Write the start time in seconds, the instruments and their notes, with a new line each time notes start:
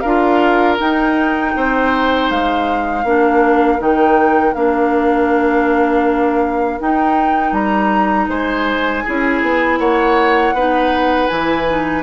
0.00 bassoon D4, clarinet F4, oboe A#4, flute F5
0.78 clarinet D#4, bassoon D#4, flute G5
1.56 bassoon C4, oboe C5
2.30 bassoon G#3, flute F5
3.04 bassoon A#3, clarinet D4, oboe A#4
3.79 bassoon D#3, clarinet D#4, flute G5
4.54 bassoon A#3, clarinet D4, flute F5
6.80 clarinet D#4, bassoon D#4, flute G5
7.52 bassoon G3, flute A#5
8.28 bassoon G#3, oboe C5, flute G#5
9.04 bassoon C#4, clarinet E4, oboe G#4
9.42 bassoon B3
9.79 bassoon A#3, oboe C#5, flute F#5
10.53 bassoon B3, clarinet D#4, oboe B4
11.28 bassoon E3, clarinet E4, flute G#5
11.68 clarinet D#4